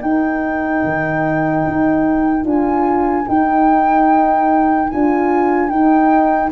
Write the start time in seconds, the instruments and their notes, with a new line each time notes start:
0.00 horn D#4, tuba D#4, violin A#4, flute G5
0.84 tuba D#3
1.67 tuba D#4
2.43 tuba D4, horn F4, flute G#5
3.27 horn D#4, tuba D#4, flute G5
4.89 tuba D4, horn F4, flute G#5
5.69 horn D#4, tuba D#4, flute G5